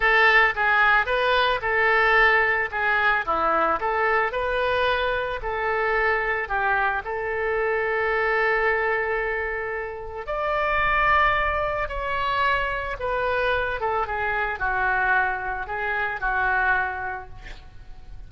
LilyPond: \new Staff \with { instrumentName = "oboe" } { \time 4/4 \tempo 4 = 111 a'4 gis'4 b'4 a'4~ | a'4 gis'4 e'4 a'4 | b'2 a'2 | g'4 a'2.~ |
a'2. d''4~ | d''2 cis''2 | b'4. a'8 gis'4 fis'4~ | fis'4 gis'4 fis'2 | }